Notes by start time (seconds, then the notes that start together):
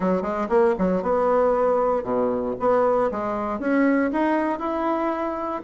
0.00 F#3
0.22 G#3
0.49 A#3
0.78 F#3
1.02 B3
2.03 B2
2.59 B3
3.11 G#3
3.59 C#4
4.12 D#4
4.59 E4